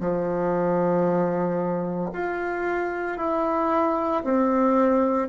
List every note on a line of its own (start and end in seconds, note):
0.00 2.11 F3
2.12 3.18 F4
3.18 4.23 E4
4.24 5.28 C4